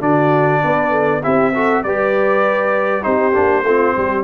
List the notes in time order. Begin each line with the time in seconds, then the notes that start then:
0.00 D3 D4 F#4 D5
0.63 B3 B4
0.90 A4
1.23 C4 E4 G4 E5
1.54 F#4 A4
1.83 G3 G4 B4 D5
3.02 C4 D#4 G4 C5
3.33 A#3 D4
3.62 A3 C4 F4
3.96 G3 G4